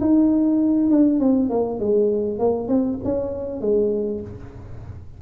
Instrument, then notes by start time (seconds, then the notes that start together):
tuba
0.00 D#4
0.90 D4
1.19 C4
1.49 A#3
1.79 G#3
2.38 A#3
2.68 C4
3.04 C#4
3.60 G#3